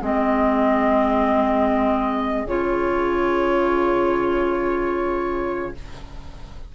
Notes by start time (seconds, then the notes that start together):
0.00 G#3 C4 G#4 D#5
2.45 C#3 F4 C#5